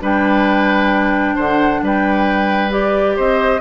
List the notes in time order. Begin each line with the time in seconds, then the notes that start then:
0.00 G3 D4 B4 G5
1.35 D3 C5 F#5
1.82 G3 B4 G5
2.70 G4 D5
3.16 C4 C5 D#5